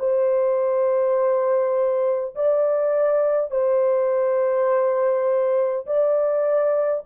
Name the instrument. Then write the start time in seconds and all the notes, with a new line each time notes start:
horn
0.00 C5
2.36 D5
3.51 C5
5.87 D5